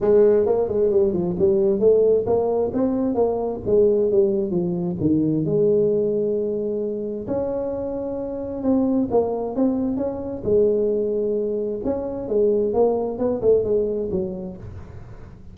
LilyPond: \new Staff \with { instrumentName = "tuba" } { \time 4/4 \tempo 4 = 132 gis4 ais8 gis8 g8 f8 g4 | a4 ais4 c'4 ais4 | gis4 g4 f4 dis4 | gis1 |
cis'2. c'4 | ais4 c'4 cis'4 gis4~ | gis2 cis'4 gis4 | ais4 b8 a8 gis4 fis4 | }